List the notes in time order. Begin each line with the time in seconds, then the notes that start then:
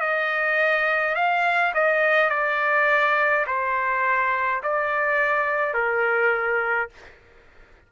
0.00 D#5
1.15 F5
1.74 D#5
2.30 D5
3.47 C5
4.63 D5
5.74 A#4